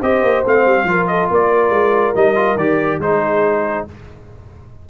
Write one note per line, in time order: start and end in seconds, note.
0.00 0.22 C4
0.00 0.45 G4
0.00 0.86 C5
0.00 0.45 D#5
0.22 0.43 A#3
0.45 0.65 A3
0.45 0.87 C4
0.45 1.06 F5
0.65 0.84 G3
0.84 1.27 F3
0.84 2.15 F4
0.84 1.09 A#4
1.06 1.29 A4
1.06 1.28 D#5
1.29 1.69 A#3
1.29 3.01 A#4
1.29 2.15 D5
1.69 2.12 G#3
2.15 2.55 G3
2.15 2.35 D#4
2.15 2.57 D#5
2.35 2.56 F4
2.55 2.98 D#3
2.55 3.02 G4
2.55 3.00 D5
2.98 3.84 G#3
2.98 3.87 D#4
2.98 3.89 G#4
2.98 3.87 C5